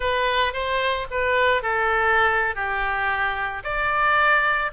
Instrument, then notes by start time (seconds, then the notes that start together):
oboe
0.00 B4
0.53 C5
1.10 B4
1.62 A4
2.55 G4
3.63 D5